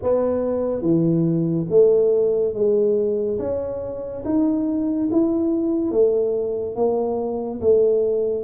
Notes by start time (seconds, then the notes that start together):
0.02 B3
0.81 E3
1.69 A3
2.54 G#3
3.38 C#4
4.24 D#4
5.11 E4
5.91 A3
6.75 A#3
7.60 A3